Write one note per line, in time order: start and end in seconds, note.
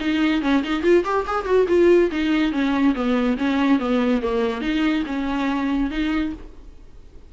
0.00 0.42 D#4
0.42 0.63 C#4
0.63 0.83 D#4
0.83 1.04 F4
1.04 1.25 G4
1.27 1.45 G#4
1.45 1.66 F#4
1.68 2.10 F4
2.11 2.52 D#4
2.52 2.94 C#4
2.95 3.37 B3
3.38 3.79 C#4
3.79 4.22 B3
4.22 4.61 A#3
4.61 5.04 D#4
5.06 5.90 C#4
5.90 6.32 D#4